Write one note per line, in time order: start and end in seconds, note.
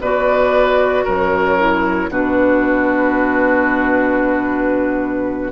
0.00 1.05 B2
0.00 1.59 F#4
0.00 1.05 B4
0.00 1.06 D5
1.05 2.10 F#2
1.05 2.10 A#4
1.05 2.12 C#5
1.59 2.11 E4
2.10 5.52 B2
2.10 5.52 D4
2.10 5.52 F#4
2.10 5.52 B4